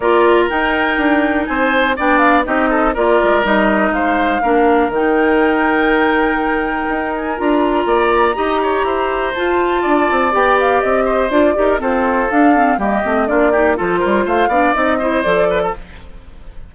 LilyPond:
<<
  \new Staff \with { instrumentName = "flute" } { \time 4/4 \tempo 4 = 122 d''4 g''2 gis''4 | g''8 f''8 dis''4 d''4 dis''4 | f''2 g''2~ | g''2~ g''8 gis''8 ais''4~ |
ais''2. a''4~ | a''4 g''8 f''8 dis''4 d''4 | c''4 f''4 dis''4 d''4 | c''4 f''4 dis''4 d''4 | }
  \new Staff \with { instrumentName = "oboe" } { \time 4/4 ais'2. c''4 | d''4 g'8 a'8 ais'2 | c''4 ais'2.~ | ais'1 |
d''4 dis''8 cis''8 c''2 | d''2~ d''8 c''4 ais'8 | a'2 g'4 f'8 g'8 | a'8 ais'8 c''8 d''4 c''4 b'16 a'16 | }
  \new Staff \with { instrumentName = "clarinet" } { \time 4/4 f'4 dis'2. | d'4 dis'4 f'4 dis'4~ | dis'4 d'4 dis'2~ | dis'2. f'4~ |
f'4 g'2 f'4~ | f'4 g'2 f'8 g'8 | c'4 d'8 c'8 ais8 c'8 d'8 dis'8 | f'4. d'8 dis'8 e'8 a'4 | }
  \new Staff \with { instrumentName = "bassoon" } { \time 4/4 ais4 dis'4 d'4 c'4 | b4 c'4 ais8 gis8 g4 | gis4 ais4 dis2~ | dis2 dis'4 d'4 |
ais4 dis'4 e'4 f'4 | d'8 c'8 b4 c'4 d'8 dis'8 | f'4 d'4 g8 a8 ais4 | f8 g8 a8 b8 c'4 f4 | }
>>